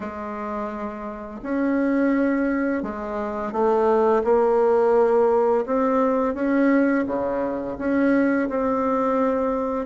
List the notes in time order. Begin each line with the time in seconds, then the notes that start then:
0.00 G#3
1.42 C#4
2.82 G#3
3.52 A3
4.24 A#3
5.66 C4
6.34 C#4
7.06 C#3
7.78 C#4
8.49 C4